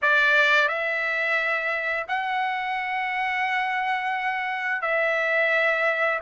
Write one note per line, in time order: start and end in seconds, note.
0.02 0.68 D5
0.68 2.06 E5
2.08 4.81 F#5
4.81 6.19 E5